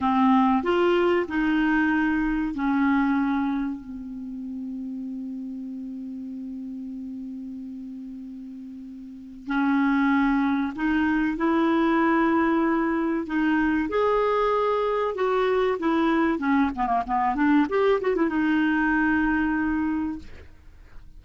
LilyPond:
\new Staff \with { instrumentName = "clarinet" } { \time 4/4 \tempo 4 = 95 c'4 f'4 dis'2 | cis'2 c'2~ | c'1~ | c'2. cis'4~ |
cis'4 dis'4 e'2~ | e'4 dis'4 gis'2 | fis'4 e'4 cis'8 b16 ais16 b8 d'8 | g'8 fis'16 e'16 dis'2. | }